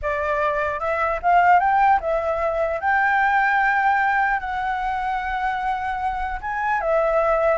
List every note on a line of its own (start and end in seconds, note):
0.01 0.79 D5
0.79 1.19 E5
1.22 1.59 F5
1.59 1.99 G5
2.00 2.80 E5
2.80 4.39 G5
4.39 6.39 F#5
6.41 6.80 G#5
6.80 7.58 E5